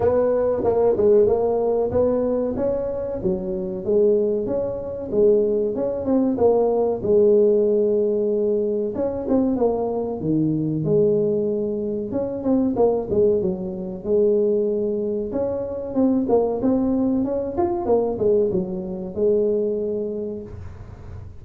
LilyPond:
\new Staff \with { instrumentName = "tuba" } { \time 4/4 \tempo 4 = 94 b4 ais8 gis8 ais4 b4 | cis'4 fis4 gis4 cis'4 | gis4 cis'8 c'8 ais4 gis4~ | gis2 cis'8 c'8 ais4 |
dis4 gis2 cis'8 c'8 | ais8 gis8 fis4 gis2 | cis'4 c'8 ais8 c'4 cis'8 f'8 | ais8 gis8 fis4 gis2 | }